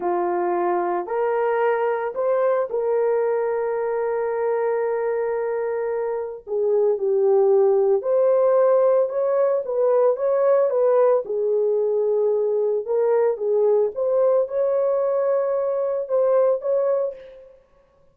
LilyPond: \new Staff \with { instrumentName = "horn" } { \time 4/4 \tempo 4 = 112 f'2 ais'2 | c''4 ais'2.~ | ais'1 | gis'4 g'2 c''4~ |
c''4 cis''4 b'4 cis''4 | b'4 gis'2. | ais'4 gis'4 c''4 cis''4~ | cis''2 c''4 cis''4 | }